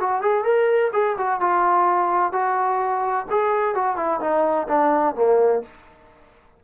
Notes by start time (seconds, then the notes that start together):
0.00 F#4
0.22 G#4
0.44 A#4
0.93 G#4
1.18 F#4
1.40 F4
2.32 F#4
3.30 G#4
3.75 F#4
3.97 E4
4.20 D#4
4.68 D4
5.15 A#3